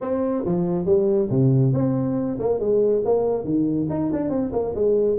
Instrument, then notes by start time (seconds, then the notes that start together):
tuba
0.01 C4
0.45 F3
0.85 G3
1.30 C3
1.73 C4
2.39 A#3
2.59 G#3
3.04 A#3
3.44 D#3
3.89 D#4
4.13 D4
4.29 C4
4.52 A#3
4.74 G#3